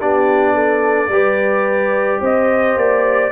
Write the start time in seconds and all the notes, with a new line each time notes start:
0.00 B3 D4 G4 D5
0.55 A4
1.09 G3 G4 B4
2.21 C4 C5 D#5
2.77 A#3 D5